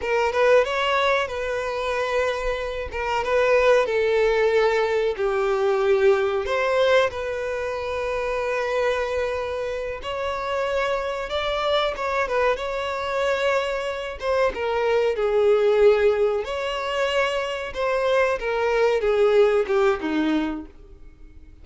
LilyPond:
\new Staff \with { instrumentName = "violin" } { \time 4/4 \tempo 4 = 93 ais'8 b'8 cis''4 b'2~ | b'8 ais'8 b'4 a'2 | g'2 c''4 b'4~ | b'2.~ b'8 cis''8~ |
cis''4. d''4 cis''8 b'8 cis''8~ | cis''2 c''8 ais'4 gis'8~ | gis'4. cis''2 c''8~ | c''8 ais'4 gis'4 g'8 dis'4 | }